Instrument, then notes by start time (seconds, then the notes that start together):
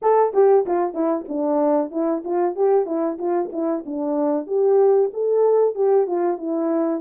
horn
0.01 A4
0.33 G4
0.66 F4
0.93 E4
1.28 D4
1.91 E4
2.24 F4
2.55 G4
2.86 E4
3.18 F4
3.52 E4
3.85 D4
4.47 G4
5.13 A4
5.74 G4
6.06 F4
6.37 E4